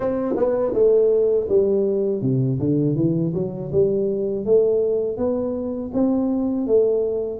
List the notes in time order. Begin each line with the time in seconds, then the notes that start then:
0.00 C4
0.36 B3
0.73 A3
1.48 G3
2.21 C3
2.59 D3
2.95 E3
3.34 F#3
3.71 G3
4.45 A3
5.17 B3
5.93 C4
6.66 A3